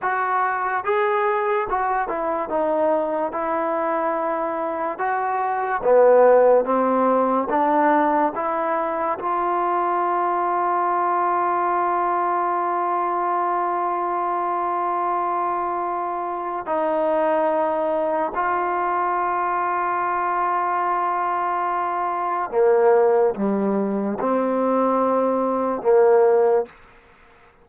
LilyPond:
\new Staff \with { instrumentName = "trombone" } { \time 4/4 \tempo 4 = 72 fis'4 gis'4 fis'8 e'8 dis'4 | e'2 fis'4 b4 | c'4 d'4 e'4 f'4~ | f'1~ |
f'1 | dis'2 f'2~ | f'2. ais4 | g4 c'2 ais4 | }